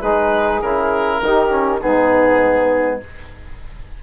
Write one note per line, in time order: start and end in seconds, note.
0.00 0.62 G#3
0.00 0.63 D#4
0.00 1.19 G#4
0.00 0.61 B4
0.62 1.21 C#3
0.62 1.23 E4
0.62 1.81 A#4
1.22 1.81 D#3
1.22 1.50 D#4
1.22 1.82 G4
1.50 1.80 C#4
1.82 3.03 G#2
1.82 3.01 B3
1.82 3.00 D#4
1.82 3.01 G#4